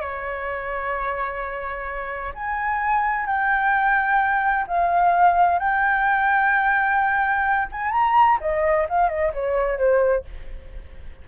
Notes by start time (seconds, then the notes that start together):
0.00 C#5
2.34 G#5
3.26 G5
4.67 F5
5.59 G5
7.71 G#5
7.92 A#5
8.40 D#5
8.89 F5
9.09 D#5
9.33 C#5
9.78 C5